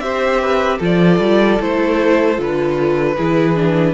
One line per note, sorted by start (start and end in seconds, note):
0.00 0.79 C4
0.00 0.81 G4
0.00 0.41 C5
0.00 0.79 E5
0.41 0.78 B4
0.78 1.19 F3
0.78 1.60 F4
0.78 3.15 A4
0.85 1.62 D5
1.19 1.59 G3
1.60 2.39 A3
1.60 2.36 E4
1.60 2.41 C5
2.36 3.18 D3
2.36 3.15 F4
2.36 3.94 B4
3.17 3.94 E3
3.17 3.55 E4
3.17 3.94 G#4
3.55 3.94 D4